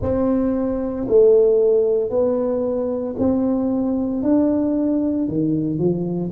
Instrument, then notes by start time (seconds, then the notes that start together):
tuba
0.01 C4
1.08 A3
2.10 B3
3.18 C4
4.22 D4
5.27 D#3
5.78 F3